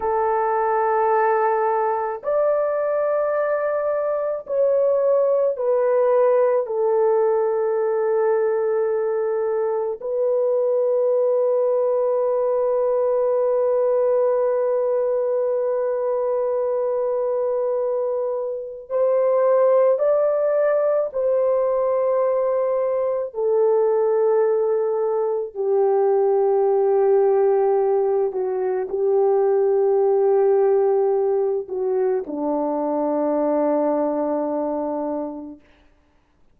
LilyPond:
\new Staff \with { instrumentName = "horn" } { \time 4/4 \tempo 4 = 54 a'2 d''2 | cis''4 b'4 a'2~ | a'4 b'2.~ | b'1~ |
b'4 c''4 d''4 c''4~ | c''4 a'2 g'4~ | g'4. fis'8 g'2~ | g'8 fis'8 d'2. | }